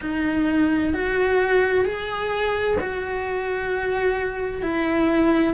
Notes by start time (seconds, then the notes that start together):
0.01 D#4
0.93 F#4
1.84 G#4
2.80 F#4
4.62 E4